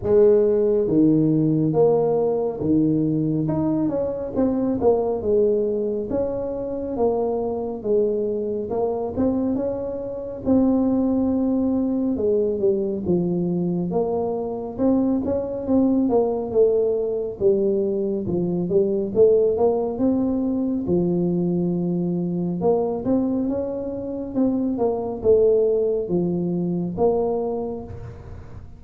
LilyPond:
\new Staff \with { instrumentName = "tuba" } { \time 4/4 \tempo 4 = 69 gis4 dis4 ais4 dis4 | dis'8 cis'8 c'8 ais8 gis4 cis'4 | ais4 gis4 ais8 c'8 cis'4 | c'2 gis8 g8 f4 |
ais4 c'8 cis'8 c'8 ais8 a4 | g4 f8 g8 a8 ais8 c'4 | f2 ais8 c'8 cis'4 | c'8 ais8 a4 f4 ais4 | }